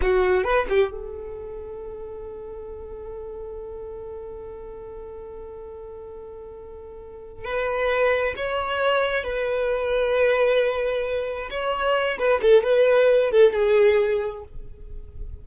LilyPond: \new Staff \with { instrumentName = "violin" } { \time 4/4 \tempo 4 = 133 fis'4 b'8 g'8 a'2~ | a'1~ | a'1~ | a'1~ |
a'8 b'2 cis''4.~ | cis''8 b'2.~ b'8~ | b'4. cis''4. b'8 a'8 | b'4. a'8 gis'2 | }